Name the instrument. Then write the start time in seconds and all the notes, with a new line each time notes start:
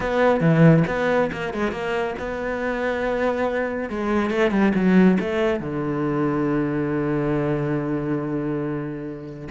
cello
0.00 B3
0.40 E3
0.87 B3
1.31 A#3
1.53 G#3
1.71 A#3
2.18 B3
3.89 G#3
4.30 A3
4.50 G3
4.75 F#3
5.19 A3
5.60 D3